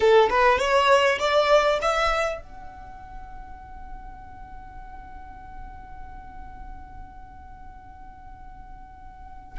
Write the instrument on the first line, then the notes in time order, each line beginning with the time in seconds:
violin
0.00 A4
0.29 B4
0.58 C#5
1.19 D5
1.81 E5
2.41 F#5